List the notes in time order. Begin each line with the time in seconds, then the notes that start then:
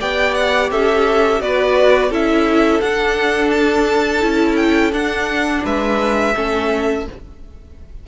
0.00 B3 G4 D5 G5
0.35 F#5
0.71 C#4 A4 E5
1.40 B3 F#4 B4 D5
2.10 C#4 E4 A4 E5
2.81 D4 F#5
3.51 A5
4.21 C#4 E4
4.56 G5
4.93 D4 F#5
5.64 G#3 B4 E5
6.36 A3 C#4 A4